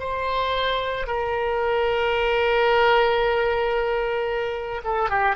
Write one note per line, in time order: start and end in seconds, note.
0.00 1.07 C5
1.07 4.82 A#4
4.84 5.10 A4
5.10 5.36 G4